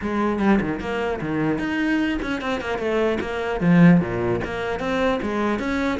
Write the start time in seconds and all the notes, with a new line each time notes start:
0.01 G#3
0.39 G3
0.60 D#3
0.80 A#3
1.21 D#3
1.59 D#4
2.21 C#4
2.41 C4
2.61 A#3
2.78 A3
3.20 A#3
3.60 F3
4.00 A#2
4.44 A#3
4.79 C4
5.21 G#3
5.59 C#4